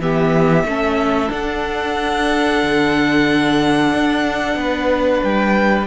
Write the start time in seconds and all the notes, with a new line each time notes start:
0.00 E3 B3 G4 E5
0.65 A3 C#4 A4
1.30 D4 F#5
2.63 D3
3.93 D4
4.56 B3 B4
5.24 G3 G5